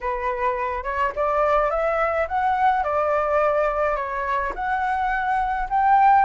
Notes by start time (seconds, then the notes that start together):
0.01 B4
0.83 C#5
1.15 D5
1.70 E5
2.28 F#5
2.83 D5
3.96 C#5
4.55 F#5
5.69 G5